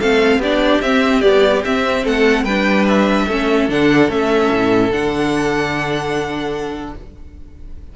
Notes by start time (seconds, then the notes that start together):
0.00 A3 C4 A4 F5
0.38 B3 D4 G4 D5
0.82 C4 E5
1.22 G3 B3 D5
1.65 C4 E5
2.04 A3 A4 F#5
2.44 G3 D4 B4 G5
2.88 E5
3.27 A3 C#4 A4
3.69 D3 D4 F#5
4.09 A3 C#4 E5
4.52 A2
4.90 D3 D4 F#5